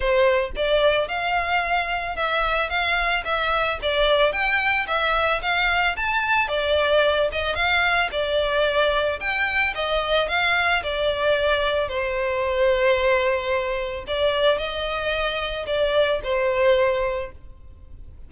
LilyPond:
\new Staff \with { instrumentName = "violin" } { \time 4/4 \tempo 4 = 111 c''4 d''4 f''2 | e''4 f''4 e''4 d''4 | g''4 e''4 f''4 a''4 | d''4. dis''8 f''4 d''4~ |
d''4 g''4 dis''4 f''4 | d''2 c''2~ | c''2 d''4 dis''4~ | dis''4 d''4 c''2 | }